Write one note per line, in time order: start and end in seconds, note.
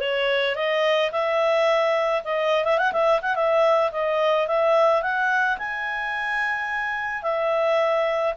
0.00 0.55 C#5
0.55 1.11 D#5
1.11 2.22 E5
2.24 2.64 D#5
2.64 2.78 E5
2.78 2.92 F#5
2.92 3.20 E5
3.21 3.35 F#5
3.35 3.91 E5
3.92 4.47 D#5
4.47 5.02 E5
5.02 5.57 F#5
5.58 7.22 G#5
7.22 8.33 E5